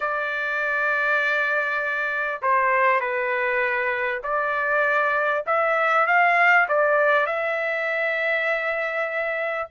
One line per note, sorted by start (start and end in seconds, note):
0.00 2.41 D5
2.42 3.00 C5
3.00 4.21 B4
4.23 5.44 D5
5.46 6.06 E5
6.06 6.67 F5
6.68 7.26 D5
7.26 9.69 E5